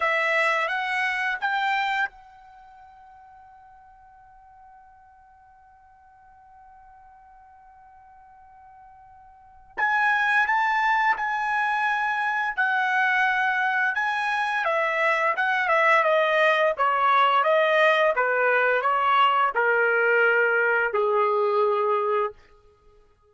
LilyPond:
\new Staff \with { instrumentName = "trumpet" } { \time 4/4 \tempo 4 = 86 e''4 fis''4 g''4 fis''4~ | fis''1~ | fis''1~ | fis''2 gis''4 a''4 |
gis''2 fis''2 | gis''4 e''4 fis''8 e''8 dis''4 | cis''4 dis''4 b'4 cis''4 | ais'2 gis'2 | }